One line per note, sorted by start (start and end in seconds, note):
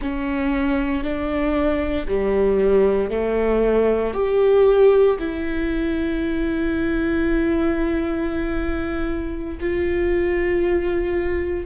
0.01 1.03 C#4
1.03 2.06 D4
2.07 3.10 G3
3.10 4.13 A3
4.13 5.17 G4
5.19 9.58 E4
9.60 11.66 F4